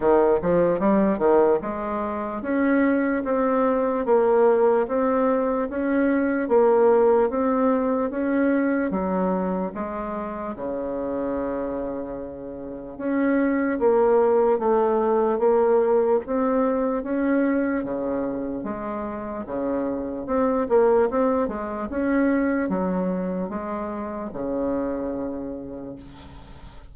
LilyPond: \new Staff \with { instrumentName = "bassoon" } { \time 4/4 \tempo 4 = 74 dis8 f8 g8 dis8 gis4 cis'4 | c'4 ais4 c'4 cis'4 | ais4 c'4 cis'4 fis4 | gis4 cis2. |
cis'4 ais4 a4 ais4 | c'4 cis'4 cis4 gis4 | cis4 c'8 ais8 c'8 gis8 cis'4 | fis4 gis4 cis2 | }